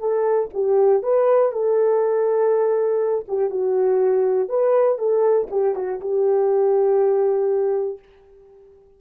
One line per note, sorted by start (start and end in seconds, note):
0.00 0.50 A4
0.54 1.03 G4
1.03 1.52 B4
1.52 3.26 A4
3.28 3.50 G4
3.50 4.49 F#4
4.49 4.99 B4
4.99 5.48 A4
5.51 5.76 G4
5.76 6.01 F#4
6.01 7.99 G4